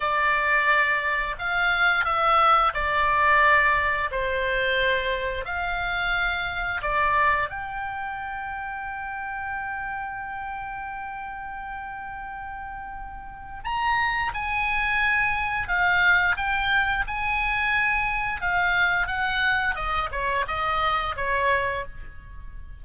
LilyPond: \new Staff \with { instrumentName = "oboe" } { \time 4/4 \tempo 4 = 88 d''2 f''4 e''4 | d''2 c''2 | f''2 d''4 g''4~ | g''1~ |
g''1 | ais''4 gis''2 f''4 | g''4 gis''2 f''4 | fis''4 dis''8 cis''8 dis''4 cis''4 | }